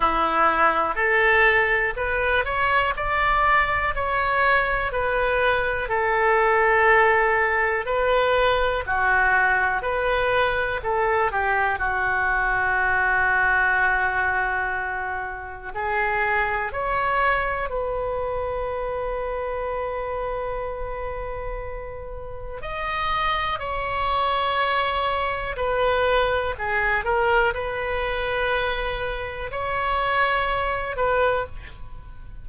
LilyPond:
\new Staff \with { instrumentName = "oboe" } { \time 4/4 \tempo 4 = 61 e'4 a'4 b'8 cis''8 d''4 | cis''4 b'4 a'2 | b'4 fis'4 b'4 a'8 g'8 | fis'1 |
gis'4 cis''4 b'2~ | b'2. dis''4 | cis''2 b'4 gis'8 ais'8 | b'2 cis''4. b'8 | }